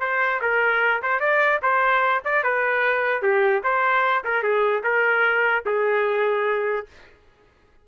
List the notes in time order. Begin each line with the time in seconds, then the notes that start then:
0.00 C5
0.41 A#4
1.02 C5
1.20 D5
1.62 C5
2.24 D5
2.43 B4
3.22 G4
3.63 C5
4.24 A#4
4.43 G#4
4.83 A#4
5.65 G#4